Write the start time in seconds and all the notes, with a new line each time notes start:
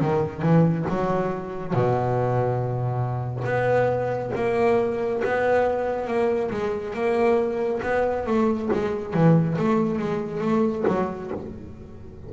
0.00 D#3
0.42 E3
0.89 F#3
1.74 B2
3.45 B3
4.36 A#3
5.25 B3
6.08 A#3
6.51 G#3
6.94 A#3
7.83 B3
8.26 A3
8.73 G#3
9.14 E3
9.59 A3
9.99 G#3
10.41 A3
10.88 F#3